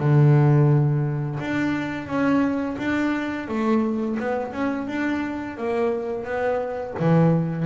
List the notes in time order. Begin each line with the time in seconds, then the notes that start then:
0.00 D3
1.40 D4
2.07 C#4
2.78 D4
3.48 A3
4.20 B3
4.53 C#4
4.88 D4
5.58 A#3
6.25 B3
7.00 E3